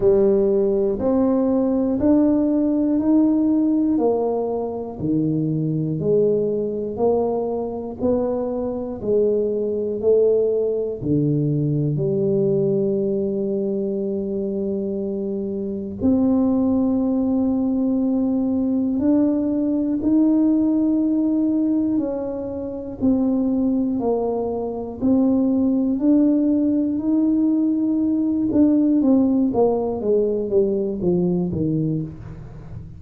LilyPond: \new Staff \with { instrumentName = "tuba" } { \time 4/4 \tempo 4 = 60 g4 c'4 d'4 dis'4 | ais4 dis4 gis4 ais4 | b4 gis4 a4 d4 | g1 |
c'2. d'4 | dis'2 cis'4 c'4 | ais4 c'4 d'4 dis'4~ | dis'8 d'8 c'8 ais8 gis8 g8 f8 dis8 | }